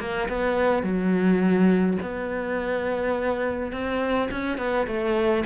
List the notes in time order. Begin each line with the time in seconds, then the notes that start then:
0.00 A#3
0.29 B3
0.83 F#3
2.02 B3
3.72 C4
4.31 C#4
4.58 B3
4.87 A3